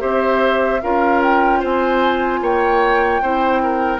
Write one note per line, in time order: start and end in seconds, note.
0.00 0.82 C4
0.00 0.80 G4
0.00 0.81 C5
0.00 0.81 E5
0.81 1.64 C#4
0.81 3.23 F4
0.81 1.60 A#4
0.81 1.21 F5
1.23 1.63 G5
1.60 2.41 C4
1.60 2.40 C5
1.60 2.44 G#5
2.41 3.21 A#3
2.41 3.22 C#5
2.41 4.00 G5
3.22 4.00 C4
3.22 4.00 E4
3.22 3.62 C5
3.63 4.00 A#4